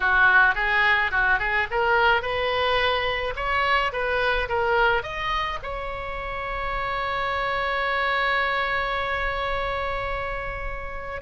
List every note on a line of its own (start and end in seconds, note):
0.00 0.55 F#4
0.55 1.11 G#4
1.11 1.39 F#4
1.39 1.67 G#4
1.71 2.21 A#4
2.21 3.34 B4
3.36 3.92 C#5
3.92 4.48 B4
4.48 5.02 A#4
5.02 5.58 D#5
5.63 11.21 C#5